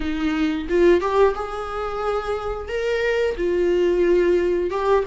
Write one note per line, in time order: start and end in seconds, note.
0.00 0.67 D#4
0.69 1.00 F4
1.00 1.34 G4
1.35 2.68 G#4
2.68 3.35 A#4
3.37 4.70 F4
4.70 5.04 G4